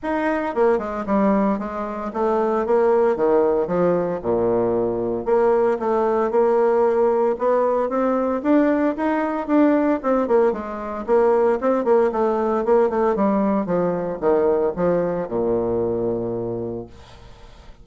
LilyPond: \new Staff \with { instrumentName = "bassoon" } { \time 4/4 \tempo 4 = 114 dis'4 ais8 gis8 g4 gis4 | a4 ais4 dis4 f4 | ais,2 ais4 a4 | ais2 b4 c'4 |
d'4 dis'4 d'4 c'8 ais8 | gis4 ais4 c'8 ais8 a4 | ais8 a8 g4 f4 dis4 | f4 ais,2. | }